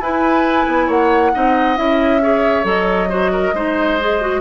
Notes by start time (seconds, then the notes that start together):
0.00 E4 B4 G#5
0.67 B3
0.87 A#3 C#5 F#5
1.33 C4 D#4 D#5
1.76 C#4 E4 E5
2.21 G#4 C#5
2.63 F#3 A4 D#5
3.09 F#4 C5
3.32 A#4
3.53 G#3 D#4 C5
4.00 G#4
4.21 F#4